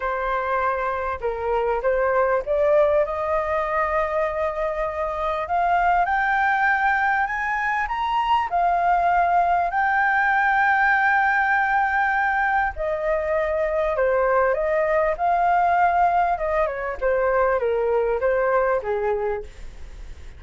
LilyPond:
\new Staff \with { instrumentName = "flute" } { \time 4/4 \tempo 4 = 99 c''2 ais'4 c''4 | d''4 dis''2.~ | dis''4 f''4 g''2 | gis''4 ais''4 f''2 |
g''1~ | g''4 dis''2 c''4 | dis''4 f''2 dis''8 cis''8 | c''4 ais'4 c''4 gis'4 | }